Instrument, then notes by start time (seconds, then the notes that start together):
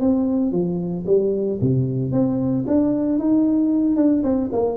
tuba
0.00 C4
0.52 F3
1.06 G3
1.61 C3
2.12 C4
2.67 D4
3.18 D#4
3.96 D4
4.23 C4
4.52 A#3